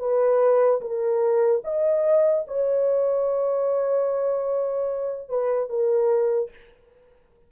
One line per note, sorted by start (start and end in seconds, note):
0.00 0.81 B4
0.81 1.63 A#4
1.65 2.46 D#5
2.48 5.30 C#5
5.30 5.70 B4
5.70 6.51 A#4